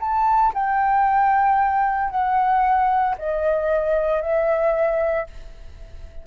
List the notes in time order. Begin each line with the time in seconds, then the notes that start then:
0.00 A5
0.54 G5
2.10 F#5
3.18 D#5
4.22 E5